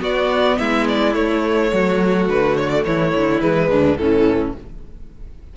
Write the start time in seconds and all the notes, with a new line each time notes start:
0.00 B3 F#4 D5
0.59 G#3 E4 E5
0.88 D5
1.14 A3 C#5
1.73 F#3 F#4
2.29 D3 B4
2.57 C#5
2.70 D5
2.85 E3 E4 C#5
3.16 D3
3.40 E3 G#3 B4
3.69 D2 D4
3.97 A2 E3 C#4 A4